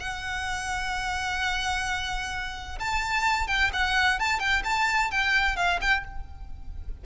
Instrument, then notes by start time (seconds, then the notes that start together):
violin
0.00 F#5
2.80 A5
3.48 G5
3.73 F#5
4.20 A5
4.40 G5
4.64 A5
5.11 G5
5.57 F5
5.81 G5